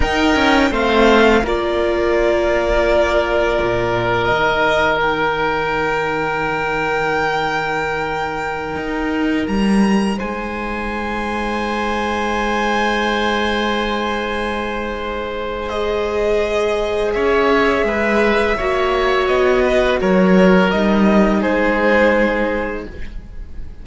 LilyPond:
<<
  \new Staff \with { instrumentName = "violin" } { \time 4/4 \tempo 4 = 84 g''4 f''4 d''2~ | d''2 dis''4 g''4~ | g''1~ | g''4~ g''16 ais''4 gis''4.~ gis''16~ |
gis''1~ | gis''2 dis''2 | e''2. dis''4 | cis''4 dis''4 c''2 | }
  \new Staff \with { instrumentName = "oboe" } { \time 4/4 ais'4 c''4 ais'2~ | ais'1~ | ais'1~ | ais'2~ ais'16 c''4.~ c''16~ |
c''1~ | c''1 | cis''4 b'4 cis''4. b'8 | ais'2 gis'2 | }
  \new Staff \with { instrumentName = "viola" } { \time 4/4 dis'4 c'4 f'2~ | f'2 dis'2~ | dis'1~ | dis'1~ |
dis'1~ | dis'2 gis'2~ | gis'2 fis'2~ | fis'4 dis'2. | }
  \new Staff \with { instrumentName = "cello" } { \time 4/4 dis'8 cis'8 a4 ais2~ | ais4 ais,4 dis2~ | dis1~ | dis16 dis'4 g4 gis4.~ gis16~ |
gis1~ | gis1 | cis'4 gis4 ais4 b4 | fis4 g4 gis2 | }
>>